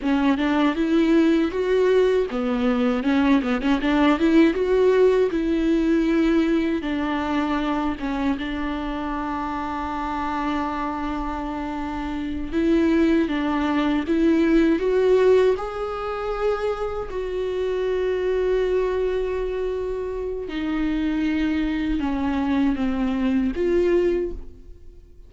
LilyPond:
\new Staff \with { instrumentName = "viola" } { \time 4/4 \tempo 4 = 79 cis'8 d'8 e'4 fis'4 b4 | cis'8 b16 cis'16 d'8 e'8 fis'4 e'4~ | e'4 d'4. cis'8 d'4~ | d'1~ |
d'8 e'4 d'4 e'4 fis'8~ | fis'8 gis'2 fis'4.~ | fis'2. dis'4~ | dis'4 cis'4 c'4 f'4 | }